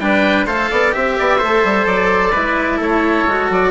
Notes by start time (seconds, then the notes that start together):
0.00 G3 D4 B4 G5
0.46 A3 A4 C5 F5
0.71 B3 D5
0.92 C4 G4 E5
1.19 B3 D5
1.39 A3 A4 C5
1.65 G3
1.87 F#3 D5
2.32 G#3 E4 B4
2.77 A3 A4 C#5
3.27 G#3 F#4
3.50 F#3 D5